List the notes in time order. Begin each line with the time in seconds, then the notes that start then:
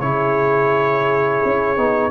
0.00 C#3 E4 G#4 C#5
1.44 C#4
1.77 B3 D#4